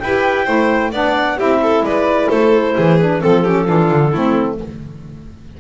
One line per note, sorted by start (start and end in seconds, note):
0.00 0.48 E4
0.00 0.46 G4
0.00 0.45 B4
0.00 0.92 G5
0.45 0.93 A3
0.45 0.91 E4
0.45 0.91 C5
0.92 1.38 B3
0.92 1.38 D4
0.92 1.38 D5
0.92 1.39 F#5
1.38 1.82 C4
1.38 2.98 E4
1.38 1.61 G4
1.38 1.85 E5
1.62 1.85 A4
1.82 2.27 G#3
1.82 2.29 B4
1.82 2.30 D5
2.29 2.77 A3
2.29 2.75 A4
2.29 2.98 C5
2.76 3.24 E3
2.76 3.22 G#4
2.98 3.22 D4
2.98 3.21 B4
3.21 3.69 F3
3.21 3.45 C4
3.21 4.58 A4
3.21 3.44 A4
3.44 3.66 C#4
3.44 3.67 G4
3.66 3.92 E3
3.66 4.11 D4
3.66 4.11 F4
3.92 4.14 D3
4.11 4.60 A3
4.11 4.60 C4
4.11 4.57 E4